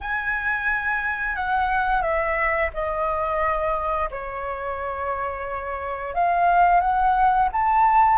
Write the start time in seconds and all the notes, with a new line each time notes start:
0.01 G#5
1.35 F#5
2.01 E5
2.73 D#5
4.11 C#5
6.14 F5
6.80 F#5
7.52 A5